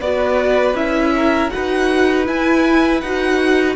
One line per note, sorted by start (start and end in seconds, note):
0.00 0.74 B3
0.00 0.76 F#4
0.00 1.12 B4
0.00 0.76 D5
0.74 1.49 C#4
0.74 1.51 E4
0.74 1.50 E5
1.15 1.53 A#4
1.50 2.28 D#4
1.50 2.25 F#4
1.50 3.76 B4
1.50 2.25 F#5
2.25 3.00 E4
2.25 3.02 E4
2.25 3.00 G#5
3.00 3.76 D#4
3.00 3.76 F#4
3.00 3.75 F#5